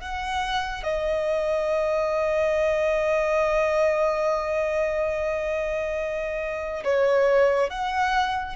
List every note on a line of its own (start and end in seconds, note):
0.00 0.83 F#5
0.83 6.83 D#5
6.84 7.69 C#5
7.69 8.55 F#5